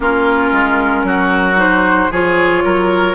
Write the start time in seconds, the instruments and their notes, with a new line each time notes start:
0.00 bassoon A#3, clarinet C#4, oboe F4, flute A#4
0.52 bassoon G#3
1.03 bassoon F#3, oboe F#4
1.56 clarinet D#4, flute C5
2.10 bassoon F3, clarinet F4, oboe G#4, flute C#5
2.64 bassoon F#3, oboe A#4